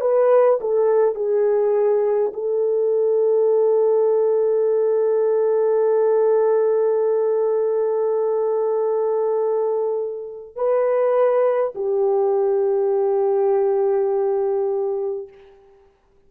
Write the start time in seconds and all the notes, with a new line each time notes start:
0.00 B4
0.60 A4
1.14 G#4
2.33 A4
10.56 B4
11.75 G4